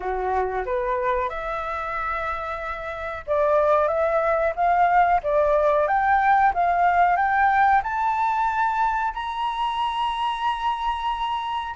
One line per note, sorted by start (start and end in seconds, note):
0.00 0.64 F#4
0.65 1.29 B4
1.29 3.24 E5
3.26 3.88 D5
3.88 4.53 E5
4.55 5.20 F5
5.23 5.87 D5
5.87 6.52 G5
6.54 7.16 F5
7.16 7.81 G5
7.83 9.13 A5
9.14 11.75 A#5